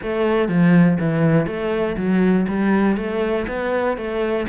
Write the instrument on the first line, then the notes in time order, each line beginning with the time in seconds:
cello
0.02 A3
0.48 F3
0.99 E3
1.46 A3
1.97 F#3
2.47 G3
2.96 A3
3.47 B3
3.97 A3